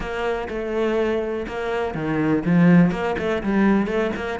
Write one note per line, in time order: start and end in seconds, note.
0.00 0.48 A#3
0.49 1.46 A3
1.47 1.94 A#3
1.94 2.43 D#3
2.45 2.91 F3
2.91 3.15 A#3
3.18 3.43 A3
3.43 3.87 G3
3.87 4.11 A3
4.16 4.39 A#3